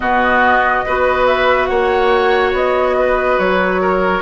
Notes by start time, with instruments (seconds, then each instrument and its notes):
0.00 bassoon B2, clarinet B3, oboe F#4, flute D#5
0.85 bassoon B3, clarinet F#4, oboe B4
1.26 flute E5
1.66 bassoon A#3, oboe C#5, flute F#5
2.52 bassoon B3, flute D#5
2.99 oboe B4
3.38 bassoon F#3, flute C#5
3.81 oboe A#4